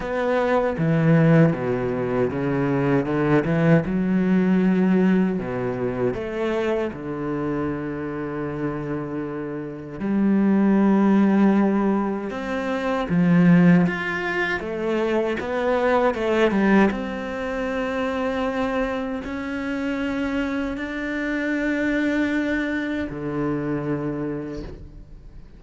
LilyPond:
\new Staff \with { instrumentName = "cello" } { \time 4/4 \tempo 4 = 78 b4 e4 b,4 cis4 | d8 e8 fis2 b,4 | a4 d2.~ | d4 g2. |
c'4 f4 f'4 a4 | b4 a8 g8 c'2~ | c'4 cis'2 d'4~ | d'2 d2 | }